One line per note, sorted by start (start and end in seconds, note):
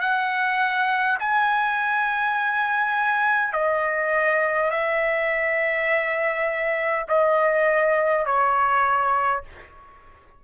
0.00 1.18 F#5
1.19 3.52 G#5
3.52 4.70 D#5
4.71 7.06 E5
7.07 8.25 D#5
8.26 9.43 C#5